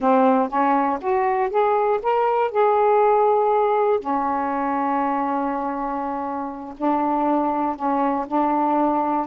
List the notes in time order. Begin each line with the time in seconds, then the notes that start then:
0.00 C4
0.48 C#4
1.01 F#4
1.50 G#4
2.02 A#4
2.51 G#4
3.99 C#4
6.77 D4
7.76 C#4
8.27 D4